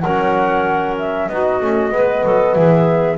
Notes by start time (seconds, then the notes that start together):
0.00 F#3 A#4 F#5
0.07 C#4
0.99 E5
1.28 B3 D#4 F#4 D#5
1.61 A3 C#4
1.90 G#3 B3 B4
2.24 F#3 A4
2.54 E3 G#4 E5